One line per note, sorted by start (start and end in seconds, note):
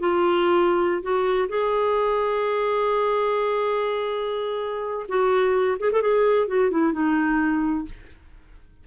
0.00 1.03 F4
1.03 1.49 F#4
1.49 5.07 G#4
5.09 5.78 F#4
5.80 5.92 G#4
5.92 6.02 A4
6.02 6.48 G#4
6.48 6.71 F#4
6.71 6.93 E4
6.93 7.85 D#4